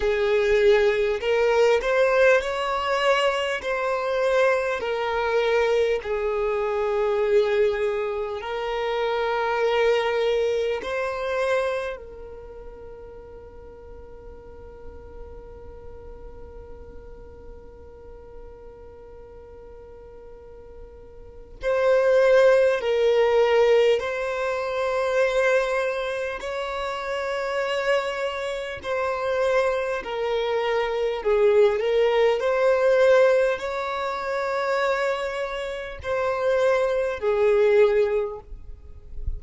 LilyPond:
\new Staff \with { instrumentName = "violin" } { \time 4/4 \tempo 4 = 50 gis'4 ais'8 c''8 cis''4 c''4 | ais'4 gis'2 ais'4~ | ais'4 c''4 ais'2~ | ais'1~ |
ais'2 c''4 ais'4 | c''2 cis''2 | c''4 ais'4 gis'8 ais'8 c''4 | cis''2 c''4 gis'4 | }